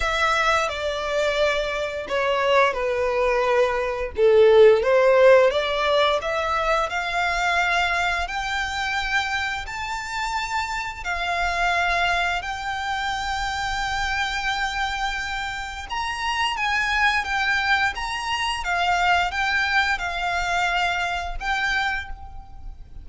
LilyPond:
\new Staff \with { instrumentName = "violin" } { \time 4/4 \tempo 4 = 87 e''4 d''2 cis''4 | b'2 a'4 c''4 | d''4 e''4 f''2 | g''2 a''2 |
f''2 g''2~ | g''2. ais''4 | gis''4 g''4 ais''4 f''4 | g''4 f''2 g''4 | }